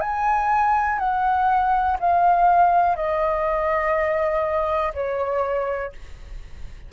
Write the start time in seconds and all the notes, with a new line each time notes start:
0.00 G#5
0.98 F#5
1.99 F5
2.96 D#5
4.94 C#5